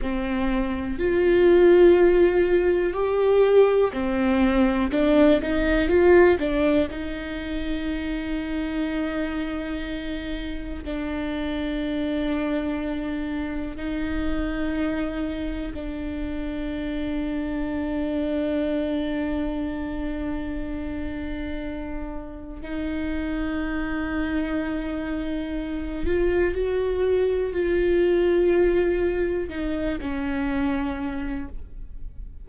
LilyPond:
\new Staff \with { instrumentName = "viola" } { \time 4/4 \tempo 4 = 61 c'4 f'2 g'4 | c'4 d'8 dis'8 f'8 d'8 dis'4~ | dis'2. d'4~ | d'2 dis'2 |
d'1~ | d'2. dis'4~ | dis'2~ dis'8 f'8 fis'4 | f'2 dis'8 cis'4. | }